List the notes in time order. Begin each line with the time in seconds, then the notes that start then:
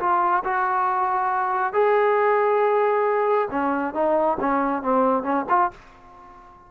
0.00 F4
0.44 F#4
1.74 G#4
3.51 C#4
3.94 D#4
4.40 C#4
4.83 C4
5.24 C#4
5.50 F4